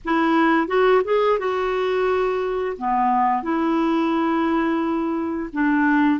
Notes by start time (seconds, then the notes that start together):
0.04 E4
0.67 F#4
1.04 G#4
1.39 F#4
2.77 B3
3.43 E4
5.52 D4